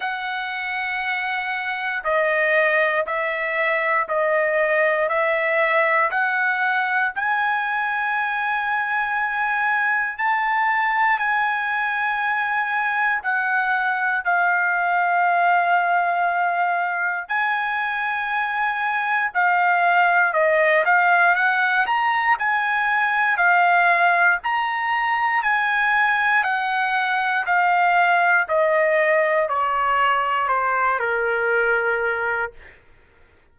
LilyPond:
\new Staff \with { instrumentName = "trumpet" } { \time 4/4 \tempo 4 = 59 fis''2 dis''4 e''4 | dis''4 e''4 fis''4 gis''4~ | gis''2 a''4 gis''4~ | gis''4 fis''4 f''2~ |
f''4 gis''2 f''4 | dis''8 f''8 fis''8 ais''8 gis''4 f''4 | ais''4 gis''4 fis''4 f''4 | dis''4 cis''4 c''8 ais'4. | }